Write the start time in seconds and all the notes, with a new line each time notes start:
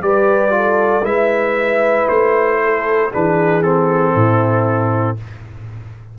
0.00 G3 G4 B4 D5
0.50 F4 A4
1.03 G#3 E4 B4 E5
2.08 A3 C5
2.64 A4
3.10 E3 D4 G#4 B4
3.61 C4 A4
4.12 A2 E4